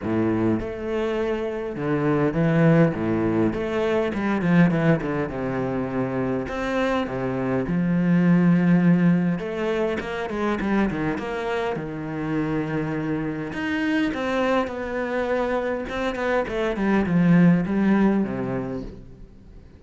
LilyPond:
\new Staff \with { instrumentName = "cello" } { \time 4/4 \tempo 4 = 102 a,4 a2 d4 | e4 a,4 a4 g8 f8 | e8 d8 c2 c'4 | c4 f2. |
a4 ais8 gis8 g8 dis8 ais4 | dis2. dis'4 | c'4 b2 c'8 b8 | a8 g8 f4 g4 c4 | }